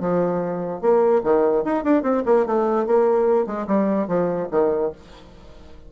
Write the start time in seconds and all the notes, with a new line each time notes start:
0.00 F3
0.81 A#3
1.23 D#3
1.64 D#4
1.84 D4
2.03 C4
2.25 A#3
2.46 A3
2.86 A#3
3.46 G#3
3.67 G3
4.07 F3
4.51 D#3